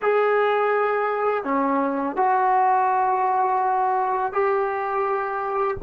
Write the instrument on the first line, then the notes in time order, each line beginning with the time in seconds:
trombone
0.02 G#4
1.44 C#4
2.16 F#4
4.32 G4